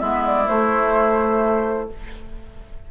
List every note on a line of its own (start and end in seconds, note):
0.00 0.48 G#3
0.00 0.46 B3
0.00 1.89 E4
0.00 0.24 E5
0.26 0.48 D5
0.46 1.88 A3
0.46 1.91 A3
0.46 1.90 C5